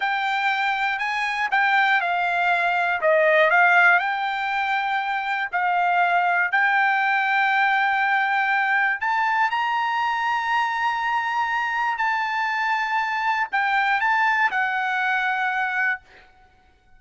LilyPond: \new Staff \with { instrumentName = "trumpet" } { \time 4/4 \tempo 4 = 120 g''2 gis''4 g''4 | f''2 dis''4 f''4 | g''2. f''4~ | f''4 g''2.~ |
g''2 a''4 ais''4~ | ais''1 | a''2. g''4 | a''4 fis''2. | }